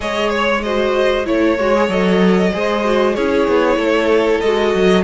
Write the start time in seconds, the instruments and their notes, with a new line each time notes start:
0.00 cello G#3, viola G#4, violin C#5 D#5
0.29 violin C#5
0.62 viola F#4, violin C5 D#5
1.25 cello A3, viola E4, violin C#5
1.58 cello G#3, viola F#4
1.75 viola G#4
1.88 cello F#3, viola A4, violin D#5
2.53 cello G#3, viola G#4, violin C5
2.84 viola F#4
3.14 cello C#4, viola E4, violin G#4 C#5
3.48 cello B3
3.76 cello A3, violin A4
4.41 cello G#3, viola F#4, violin D#5
4.74 cello F#3